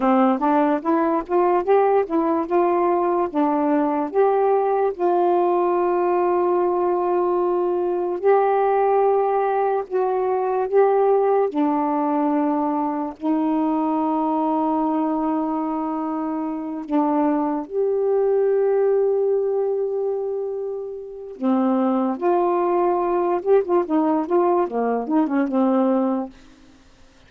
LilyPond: \new Staff \with { instrumentName = "saxophone" } { \time 4/4 \tempo 4 = 73 c'8 d'8 e'8 f'8 g'8 e'8 f'4 | d'4 g'4 f'2~ | f'2 g'2 | fis'4 g'4 d'2 |
dis'1~ | dis'8 d'4 g'2~ g'8~ | g'2 c'4 f'4~ | f'8 g'16 f'16 dis'8 f'8 ais8 dis'16 cis'16 c'4 | }